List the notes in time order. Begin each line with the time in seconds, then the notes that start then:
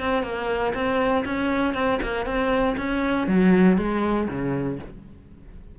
0.00 C4
0.23 A#3
0.74 C4
1.25 C#4
1.74 C4
2.02 A#3
2.26 C4
2.77 C#4
3.27 F#3
3.78 G#3
4.28 C#3